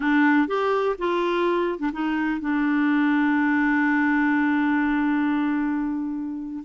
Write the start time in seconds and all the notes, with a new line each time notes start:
0.00 D4
0.47 G4
0.98 F4
1.78 D4
1.92 D#4
2.40 D4